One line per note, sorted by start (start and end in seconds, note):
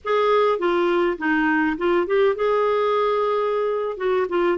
0.04 0.58 G#4
0.58 1.17 F4
1.17 1.76 D#4
1.77 2.06 F4
2.06 2.35 G4
2.35 3.97 G#4
3.97 4.26 F#4
4.28 4.57 F4